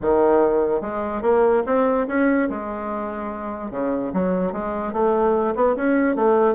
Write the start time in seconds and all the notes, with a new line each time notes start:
0.01 D#3
0.81 G#3
1.22 A#3
1.66 C4
2.07 C#4
2.49 G#3
3.70 C#3
4.13 F#3
4.52 G#3
4.92 A3
5.55 B3
5.76 C#4
6.15 A3